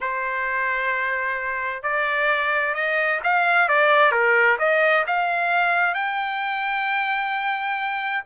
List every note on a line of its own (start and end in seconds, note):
0.00 1.82 C5
1.82 2.74 D5
2.74 3.20 D#5
3.23 3.68 F5
3.68 4.11 D5
4.11 4.57 A#4
4.58 5.04 D#5
5.06 5.94 F5
5.94 8.23 G5